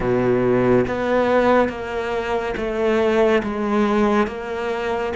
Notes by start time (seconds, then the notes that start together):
0.00 B2
0.87 B3
1.68 A#3
2.56 A3
3.43 G#3
4.27 A#3